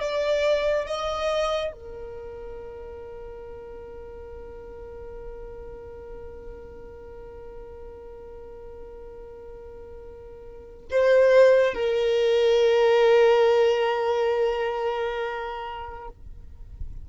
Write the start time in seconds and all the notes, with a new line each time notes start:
0.00 D5
0.87 D#5
1.72 A#4
10.91 C5
11.74 A#4